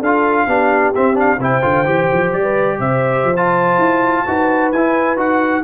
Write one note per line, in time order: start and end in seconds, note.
0.00 0.46 D4
0.00 0.48 F4
0.00 0.46 A4
0.00 0.94 F5
0.47 0.92 B3
0.47 0.94 D4
0.47 1.39 G4
0.94 1.14 C4
0.94 1.38 C4
0.94 1.17 E5
1.14 1.37 D4
1.14 1.42 F5
1.38 1.61 C3
1.38 1.61 E4
1.38 2.41 C5
1.38 2.32 G5
1.61 1.85 D3
1.61 1.84 F4
1.84 2.08 E3
1.84 3.33 G4
2.12 2.33 F3
2.32 2.79 G3
2.32 2.78 D5
2.41 2.76 B4
2.79 3.23 C3
2.79 4.26 C5
2.79 3.36 E5
3.23 3.77 F3
3.36 4.26 F4
3.36 4.71 A5
3.77 4.23 E4
4.26 4.72 D#4
4.26 4.72 F#4
4.26 5.63 B4
4.71 5.16 E4
4.71 5.17 G#5
5.16 5.62 D#4
5.16 5.62 F#4
5.16 5.64 F#5